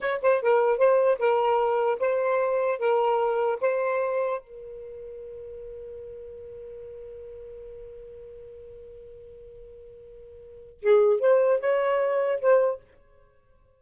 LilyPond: \new Staff \with { instrumentName = "saxophone" } { \time 4/4 \tempo 4 = 150 cis''8 c''8 ais'4 c''4 ais'4~ | ais'4 c''2 ais'4~ | ais'4 c''2 ais'4~ | ais'1~ |
ais'1~ | ais'1~ | ais'2. gis'4 | c''4 cis''2 c''4 | }